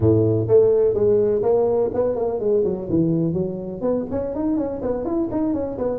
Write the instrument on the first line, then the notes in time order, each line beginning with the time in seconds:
tuba
0.00 A2
0.47 A3
0.94 G#3
1.42 A#3
1.93 B3
2.15 A#3
2.39 G#3
2.64 F#3
2.89 E3
3.33 F#3
3.81 B3
4.10 C#4
4.34 D#4
4.57 C#4
4.82 B3
5.04 E4
5.31 D#4
5.53 C#4
5.78 B3